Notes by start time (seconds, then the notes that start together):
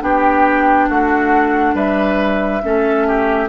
0.00 B3 D4 G4 G5
0.88 A3 F#4 F#5
1.74 G3 B4 E5
2.63 A3 C#4 A4
3.07 G4